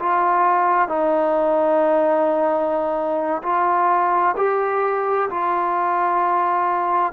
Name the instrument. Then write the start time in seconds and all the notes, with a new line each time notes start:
trombone
0.00 F4
0.89 D#4
3.43 F4
4.37 G4
5.31 F4